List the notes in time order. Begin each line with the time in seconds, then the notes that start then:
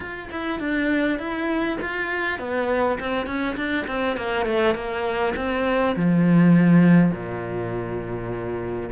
0.00 F4
0.31 E4
0.59 D4
1.18 E4
1.81 F4
2.38 B3
2.99 C4
3.26 C#4
3.56 D4
3.87 C4
4.16 A#3
4.46 A3
4.74 A#3
5.36 C4
5.96 F3
7.11 A#2